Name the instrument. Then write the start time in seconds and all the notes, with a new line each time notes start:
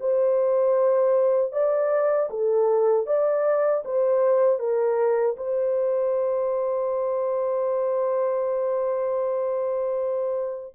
horn
0.00 C5
1.52 D5
2.30 A4
3.07 D5
3.85 C5
4.59 A#4
5.37 C5